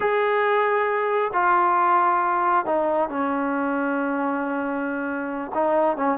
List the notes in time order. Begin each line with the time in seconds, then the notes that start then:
0.00 G#4
1.33 F4
2.65 D#4
3.09 C#4
5.54 D#4
5.97 C#4